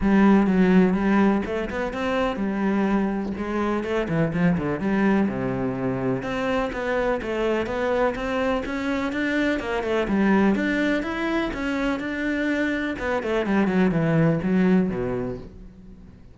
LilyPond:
\new Staff \with { instrumentName = "cello" } { \time 4/4 \tempo 4 = 125 g4 fis4 g4 a8 b8 | c'4 g2 gis4 | a8 e8 f8 d8 g4 c4~ | c4 c'4 b4 a4 |
b4 c'4 cis'4 d'4 | ais8 a8 g4 d'4 e'4 | cis'4 d'2 b8 a8 | g8 fis8 e4 fis4 b,4 | }